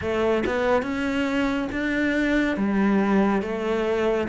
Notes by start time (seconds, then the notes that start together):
0.01 A3
0.46 B3
0.82 C#4
1.71 D4
2.56 G3
3.42 A3